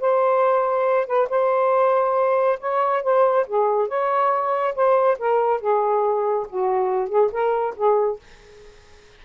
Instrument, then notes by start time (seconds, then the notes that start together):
saxophone
0.00 C5
1.07 B4
1.29 C5
2.60 C#5
3.03 C5
3.47 G#4
3.88 C#5
4.75 C5
5.18 A#4
5.60 G#4
6.49 F#4
7.09 G#4
7.32 A#4
7.76 G#4